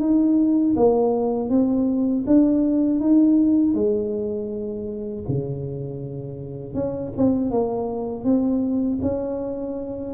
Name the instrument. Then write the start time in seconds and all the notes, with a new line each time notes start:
tuba
0.00 D#4
0.76 A#3
1.50 C4
2.27 D4
3.00 D#4
3.74 G#3
5.28 C#3
6.74 C#4
7.17 C4
7.51 A#3
8.24 C4
9.02 C#4